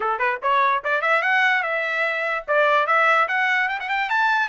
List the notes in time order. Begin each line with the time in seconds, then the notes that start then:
0.00 A4
0.18 B4
0.42 C#5
0.84 D5
1.01 E5
1.22 F#5
1.63 E5
2.47 D5
2.87 E5
3.28 F#5
3.68 G5
3.79 F#5
3.89 G5
4.09 A5